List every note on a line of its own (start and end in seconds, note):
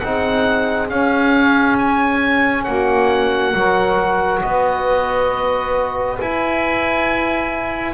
0.00 0.91 C4
0.00 0.91 D#4
0.00 2.67 G#4
0.00 0.88 F#5
0.90 3.55 C#4
0.90 2.67 C#4
0.90 1.78 F5
1.79 2.64 G#5
2.64 3.54 A#3
2.64 3.56 F#4
2.64 4.41 F#5
3.54 4.42 F#3
3.54 6.19 F#4
3.54 4.43 A#4
4.42 6.20 B3
4.42 7.95 B4
4.42 6.18 D#5
6.21 7.95 E4
6.21 7.95 G#5